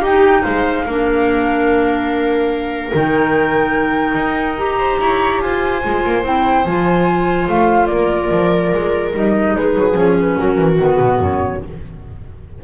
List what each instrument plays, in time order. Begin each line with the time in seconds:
0.00 double bass D#4, clarinet D#4, viola G4, flute G5
0.43 double bass G#3, viola C5, flute F5
0.85 double bass A#3, clarinet D4, viola A#4
2.93 double bass D#3, clarinet D#4, flute G5
4.14 double bass D#4
4.57 clarinet G4, flute A#5
4.78 viola C5
5.00 double bass E4, viola C#5
5.40 double bass F4, viola C5, flute G#5
5.83 double bass G#3, clarinet F4
6.05 double bass A#3
6.23 double bass C4, clarinet E4, flute G5
6.65 double bass F3, clarinet F4, flute G#5
7.48 double bass A3, flute F5
7.86 double bass A#3, viola A#4, flute D5
8.31 double bass F3
8.73 double bass G#3
9.12 double bass G3, clarinet D#4, flute D#5
9.55 double bass G#3, viola G#4, flute B4
9.75 double bass F#3
9.92 double bass F3, clarinet C#4, flute C#5
10.20 flute B4
10.38 double bass F#3, viola F#4, flute A#4
10.57 double bass E3
10.78 double bass D#3, clarinet B3, flute B4
10.99 double bass B2
11.20 double bass F#2, flute C#5